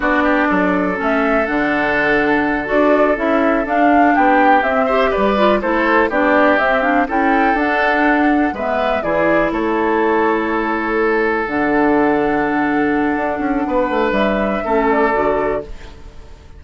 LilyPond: <<
  \new Staff \with { instrumentName = "flute" } { \time 4/4 \tempo 4 = 123 d''2 e''4 fis''4~ | fis''4. d''4 e''4 f''8~ | f''8 g''4 e''4 d''4 c''8~ | c''8 d''4 e''8 f''8 g''4 fis''8~ |
fis''4. e''4 d''4 cis''8~ | cis''2.~ cis''8 fis''8~ | fis''1~ | fis''4 e''4. d''4. | }
  \new Staff \with { instrumentName = "oboe" } { \time 4/4 fis'8 g'8 a'2.~ | a'1~ | a'8 g'4. c''8 b'4 a'8~ | a'8 g'2 a'4.~ |
a'4. b'4 gis'4 a'8~ | a'1~ | a'1 | b'2 a'2 | }
  \new Staff \with { instrumentName = "clarinet" } { \time 4/4 d'2 cis'4 d'4~ | d'4. fis'4 e'4 d'8~ | d'4. c'8 g'4 f'8 e'8~ | e'8 d'4 c'8 d'8 e'4 d'8~ |
d'4. b4 e'4.~ | e'2.~ e'8 d'8~ | d'1~ | d'2 cis'4 fis'4 | }
  \new Staff \with { instrumentName = "bassoon" } { \time 4/4 b4 fis4 a4 d4~ | d4. d'4 cis'4 d'8~ | d'8 b4 c'4 g4 a8~ | a8 b4 c'4 cis'4 d'8~ |
d'4. gis4 e4 a8~ | a2.~ a8 d8~ | d2. d'8 cis'8 | b8 a8 g4 a4 d4 | }
>>